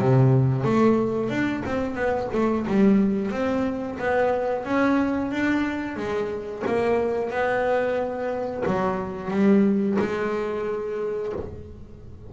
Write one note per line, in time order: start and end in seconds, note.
0.00 0.64 C3
0.64 1.30 A3
1.30 1.63 D4
1.66 1.95 C4
1.95 2.28 B3
2.34 2.67 A3
2.67 3.32 G3
3.32 3.98 C4
3.99 4.65 B3
4.65 5.32 C#4
5.32 5.97 D4
5.97 6.63 G#3
6.67 7.31 A#3
7.31 8.64 B3
8.66 9.31 F#3
9.31 9.98 G3
10.00 11.33 G#3